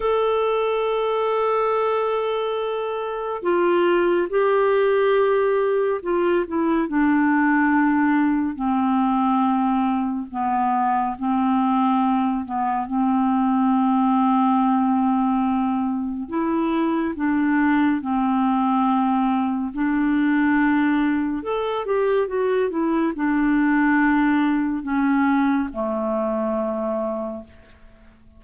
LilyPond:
\new Staff \with { instrumentName = "clarinet" } { \time 4/4 \tempo 4 = 70 a'1 | f'4 g'2 f'8 e'8 | d'2 c'2 | b4 c'4. b8 c'4~ |
c'2. e'4 | d'4 c'2 d'4~ | d'4 a'8 g'8 fis'8 e'8 d'4~ | d'4 cis'4 a2 | }